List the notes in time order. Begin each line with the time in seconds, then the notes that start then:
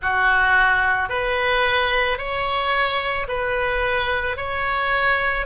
0.01 F#4
1.09 B4
2.18 C#5
3.28 B4
4.36 C#5